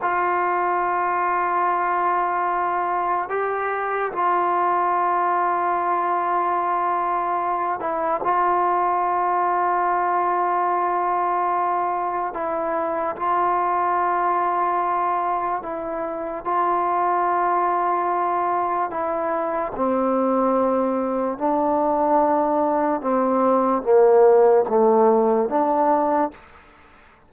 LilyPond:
\new Staff \with { instrumentName = "trombone" } { \time 4/4 \tempo 4 = 73 f'1 | g'4 f'2.~ | f'4. e'8 f'2~ | f'2. e'4 |
f'2. e'4 | f'2. e'4 | c'2 d'2 | c'4 ais4 a4 d'4 | }